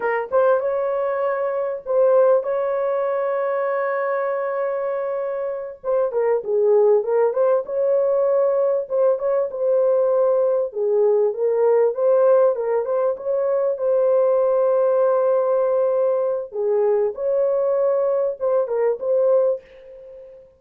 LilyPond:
\new Staff \with { instrumentName = "horn" } { \time 4/4 \tempo 4 = 98 ais'8 c''8 cis''2 c''4 | cis''1~ | cis''4. c''8 ais'8 gis'4 ais'8 | c''8 cis''2 c''8 cis''8 c''8~ |
c''4. gis'4 ais'4 c''8~ | c''8 ais'8 c''8 cis''4 c''4.~ | c''2. gis'4 | cis''2 c''8 ais'8 c''4 | }